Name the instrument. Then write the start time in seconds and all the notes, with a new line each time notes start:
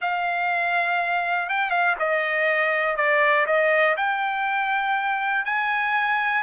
trumpet
0.01 F5
1.49 G5
1.70 F5
1.99 D#5
2.96 D5
3.46 D#5
3.96 G5
5.45 G#5